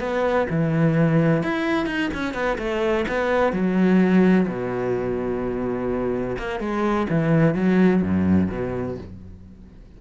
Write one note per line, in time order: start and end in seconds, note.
0.00 0.47 B3
0.50 1.44 E3
1.44 1.87 E4
1.87 2.10 D#4
2.14 2.34 C#4
2.34 2.58 B3
2.59 3.06 A3
3.09 3.53 B3
3.53 4.48 F#3
4.48 6.37 B2
6.39 6.60 A#3
6.60 7.07 G#3
7.10 7.55 E3
7.55 8.03 F#3
8.03 8.50 F#2
8.51 8.98 B2